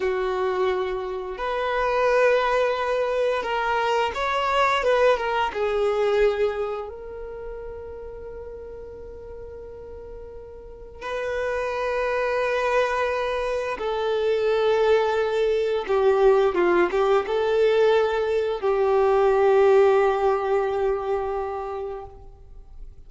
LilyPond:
\new Staff \with { instrumentName = "violin" } { \time 4/4 \tempo 4 = 87 fis'2 b'2~ | b'4 ais'4 cis''4 b'8 ais'8 | gis'2 ais'2~ | ais'1 |
b'1 | a'2. g'4 | f'8 g'8 a'2 g'4~ | g'1 | }